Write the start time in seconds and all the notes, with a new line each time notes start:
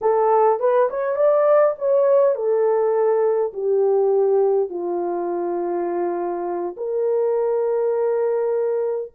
0.01 A4
0.59 B4
0.90 C#5
1.16 D5
1.78 C#5
2.35 A4
3.53 G4
4.69 F4
6.76 A#4